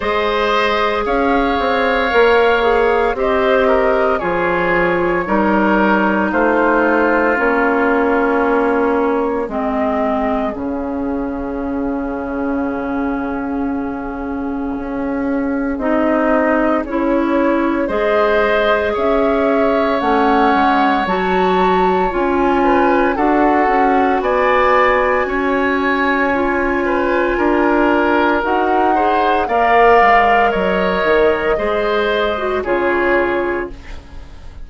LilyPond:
<<
  \new Staff \with { instrumentName = "flute" } { \time 4/4 \tempo 4 = 57 dis''4 f''2 dis''4 | cis''2 c''4 cis''4~ | cis''4 dis''4 f''2~ | f''2. dis''4 |
cis''4 dis''4 e''4 fis''4 | a''4 gis''4 fis''4 gis''4~ | gis''2. fis''4 | f''4 dis''2 cis''4 | }
  \new Staff \with { instrumentName = "oboe" } { \time 4/4 c''4 cis''2 c''8 ais'8 | gis'4 ais'4 f'2~ | f'4 gis'2.~ | gis'1~ |
gis'4 c''4 cis''2~ | cis''4. b'8 a'4 d''4 | cis''4. b'8 ais'4. c''8 | d''4 cis''4 c''4 gis'4 | }
  \new Staff \with { instrumentName = "clarinet" } { \time 4/4 gis'2 ais'8 gis'8 g'4 | f'4 dis'2 cis'4~ | cis'4 c'4 cis'2~ | cis'2. dis'4 |
e'4 gis'2 cis'4 | fis'4 f'4 fis'2~ | fis'4 f'2 fis'8 gis'8 | ais'2 gis'8. fis'16 f'4 | }
  \new Staff \with { instrumentName = "bassoon" } { \time 4/4 gis4 cis'8 c'8 ais4 c'4 | f4 g4 a4 ais4~ | ais4 gis4 cis2~ | cis2 cis'4 c'4 |
cis'4 gis4 cis'4 a8 gis8 | fis4 cis'4 d'8 cis'8 b4 | cis'2 d'4 dis'4 | ais8 gis8 fis8 dis8 gis4 cis4 | }
>>